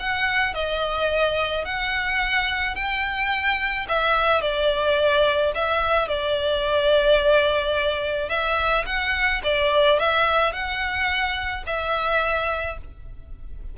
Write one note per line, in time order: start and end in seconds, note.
0.00 0.54 F#5
0.54 1.65 D#5
1.65 2.76 F#5
2.76 3.87 G5
3.89 4.42 E5
4.42 5.53 D5
5.55 6.08 E5
6.08 8.30 D5
8.30 8.85 E5
8.86 9.42 F#5
9.44 9.99 D5
10.00 10.53 E5
10.53 11.64 F#5
11.67 12.78 E5